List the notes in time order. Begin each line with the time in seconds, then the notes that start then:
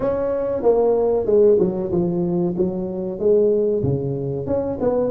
0.00 C#4
0.62 A#3
1.26 G#3
1.59 F#3
1.91 F3
2.57 F#3
3.19 G#3
3.83 C#3
4.46 C#4
4.80 B3